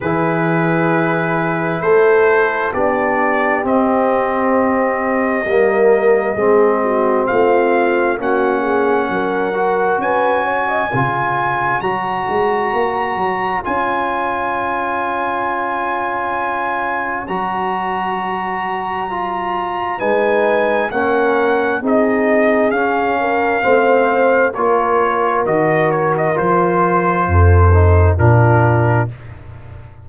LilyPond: <<
  \new Staff \with { instrumentName = "trumpet" } { \time 4/4 \tempo 4 = 66 b'2 c''4 d''4 | dis''1 | f''4 fis''2 gis''4~ | gis''4 ais''2 gis''4~ |
gis''2. ais''4~ | ais''2 gis''4 fis''4 | dis''4 f''2 cis''4 | dis''8 cis''16 dis''16 c''2 ais'4 | }
  \new Staff \with { instrumentName = "horn" } { \time 4/4 gis'2 a'4 g'4~ | g'2 ais'4 gis'8 fis'8 | f'4 fis'8 gis'8 ais'4 b'8 cis''16 dis''16 | cis''1~ |
cis''1~ | cis''2 b'4 ais'4 | gis'4. ais'8 c''4 ais'4~ | ais'2 a'4 f'4 | }
  \new Staff \with { instrumentName = "trombone" } { \time 4/4 e'2. d'4 | c'2 ais4 c'4~ | c'4 cis'4. fis'4. | f'4 fis'2 f'4~ |
f'2. fis'4~ | fis'4 f'4 dis'4 cis'4 | dis'4 cis'4 c'4 f'4 | fis'4 f'4. dis'8 d'4 | }
  \new Staff \with { instrumentName = "tuba" } { \time 4/4 e2 a4 b4 | c'2 g4 gis4 | a4 ais4 fis4 cis'4 | cis4 fis8 gis8 ais8 fis8 cis'4~ |
cis'2. fis4~ | fis2 gis4 ais4 | c'4 cis'4 a4 ais4 | dis4 f4 f,4 ais,4 | }
>>